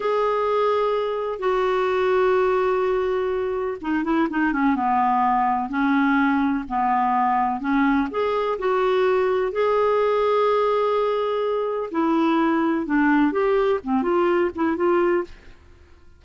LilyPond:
\new Staff \with { instrumentName = "clarinet" } { \time 4/4 \tempo 4 = 126 gis'2. fis'4~ | fis'1 | dis'8 e'8 dis'8 cis'8 b2 | cis'2 b2 |
cis'4 gis'4 fis'2 | gis'1~ | gis'4 e'2 d'4 | g'4 c'8 f'4 e'8 f'4 | }